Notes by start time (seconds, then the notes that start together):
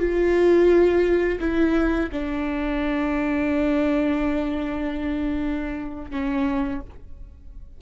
0.00 F4
1.40 E4
2.12 D4
6.11 C#4